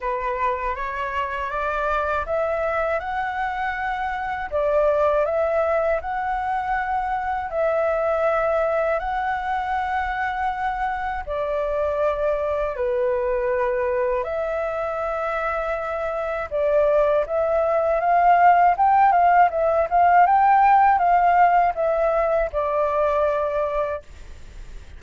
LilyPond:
\new Staff \with { instrumentName = "flute" } { \time 4/4 \tempo 4 = 80 b'4 cis''4 d''4 e''4 | fis''2 d''4 e''4 | fis''2 e''2 | fis''2. d''4~ |
d''4 b'2 e''4~ | e''2 d''4 e''4 | f''4 g''8 f''8 e''8 f''8 g''4 | f''4 e''4 d''2 | }